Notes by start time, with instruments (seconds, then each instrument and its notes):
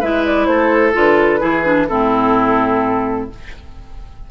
0.00 bassoon G#3, clarinet E4, oboe B4, flute E5
0.25 flute D5
0.45 bassoon A3, oboe A4, flute C5
0.93 bassoon D3, clarinet F4, flute B4
1.40 bassoon E3, clarinet E4, oboe G#4
1.64 clarinet D4
1.88 bassoon A2, clarinet C4, oboe E4, flute A4